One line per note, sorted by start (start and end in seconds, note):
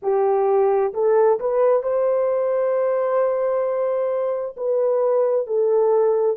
0.02 0.93 G4
0.93 1.39 A4
1.39 1.83 B4
1.83 4.55 C5
4.56 5.47 B4
5.47 6.36 A4